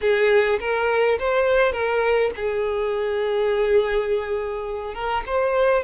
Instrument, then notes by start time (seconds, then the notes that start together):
violin
0.01 G#4
0.60 A#4
1.19 C5
1.72 A#4
2.36 G#4
4.94 A#4
5.26 C5